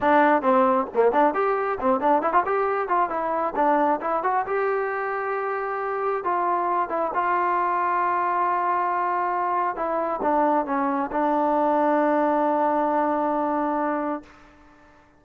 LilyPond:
\new Staff \with { instrumentName = "trombone" } { \time 4/4 \tempo 4 = 135 d'4 c'4 ais8 d'8 g'4 | c'8 d'8 e'16 f'16 g'4 f'8 e'4 | d'4 e'8 fis'8 g'2~ | g'2 f'4. e'8 |
f'1~ | f'2 e'4 d'4 | cis'4 d'2.~ | d'1 | }